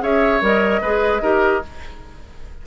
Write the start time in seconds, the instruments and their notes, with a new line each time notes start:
0.00 bassoon C#4, clarinet G#4, oboe C#5, flute E5
0.41 bassoon G3, clarinet A#4, flute D#5
0.81 bassoon G#3, clarinet G#4, oboe B4
1.21 bassoon D#4, clarinet G4, oboe A#4